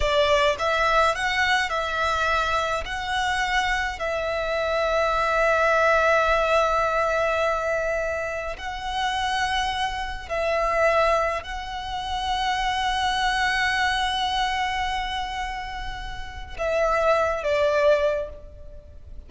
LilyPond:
\new Staff \with { instrumentName = "violin" } { \time 4/4 \tempo 4 = 105 d''4 e''4 fis''4 e''4~ | e''4 fis''2 e''4~ | e''1~ | e''2. fis''4~ |
fis''2 e''2 | fis''1~ | fis''1~ | fis''4 e''4. d''4. | }